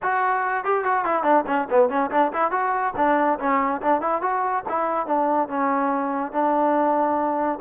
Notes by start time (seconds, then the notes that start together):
0.02 F#4
0.64 G4
0.84 F#4
1.04 E4
1.23 D4
1.47 C#4
1.70 B3
1.89 C#4
2.10 D4
2.33 E4
2.51 F#4
2.96 D4
3.39 C#4
3.81 D4
4.01 E4
4.21 F#4
4.68 E4
5.06 D4
5.48 C#4
6.32 D4